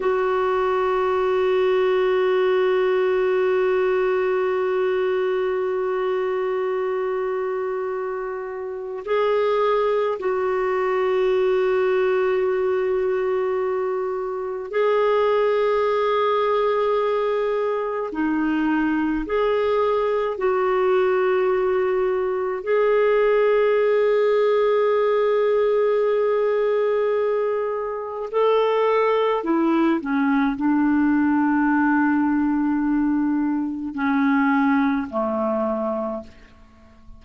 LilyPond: \new Staff \with { instrumentName = "clarinet" } { \time 4/4 \tempo 4 = 53 fis'1~ | fis'1 | gis'4 fis'2.~ | fis'4 gis'2. |
dis'4 gis'4 fis'2 | gis'1~ | gis'4 a'4 e'8 cis'8 d'4~ | d'2 cis'4 a4 | }